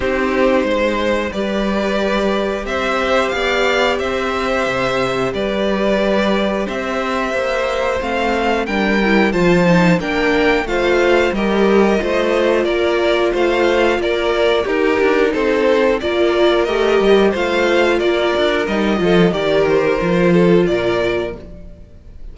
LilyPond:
<<
  \new Staff \with { instrumentName = "violin" } { \time 4/4 \tempo 4 = 90 c''2 d''2 | e''4 f''4 e''2 | d''2 e''2 | f''4 g''4 a''4 g''4 |
f''4 dis''2 d''4 | f''4 d''4 ais'4 c''4 | d''4 dis''4 f''4 d''4 | dis''4 d''8 c''4. d''4 | }
  \new Staff \with { instrumentName = "violin" } { \time 4/4 g'4 c''4 b'2 | c''4 d''4 c''2 | b'2 c''2~ | c''4 ais'4 c''4 ais'4 |
c''4 ais'4 c''4 ais'4 | c''4 ais'4 g'4 a'4 | ais'2 c''4 ais'4~ | ais'8 a'8 ais'4. a'8 ais'4 | }
  \new Staff \with { instrumentName = "viola" } { \time 4/4 dis'2 g'2~ | g'1~ | g'1 | c'4 d'8 e'8 f'8 dis'8 d'4 |
f'4 g'4 f'2~ | f'2 dis'2 | f'4 g'4 f'2 | dis'8 f'8 g'4 f'2 | }
  \new Staff \with { instrumentName = "cello" } { \time 4/4 c'4 gis4 g2 | c'4 b4 c'4 c4 | g2 c'4 ais4 | a4 g4 f4 ais4 |
a4 g4 a4 ais4 | a4 ais4 dis'8 d'8 c'4 | ais4 a8 g8 a4 ais8 d'8 | g8 f8 dis4 f4 ais,4 | }
>>